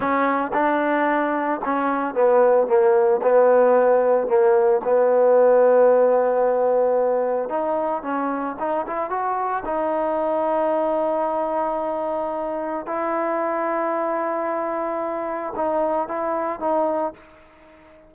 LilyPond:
\new Staff \with { instrumentName = "trombone" } { \time 4/4 \tempo 4 = 112 cis'4 d'2 cis'4 | b4 ais4 b2 | ais4 b2.~ | b2 dis'4 cis'4 |
dis'8 e'8 fis'4 dis'2~ | dis'1 | e'1~ | e'4 dis'4 e'4 dis'4 | }